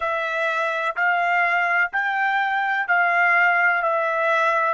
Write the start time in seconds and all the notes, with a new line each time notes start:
0.00 E5
0.95 F5
1.92 G5
2.87 F5
3.82 E5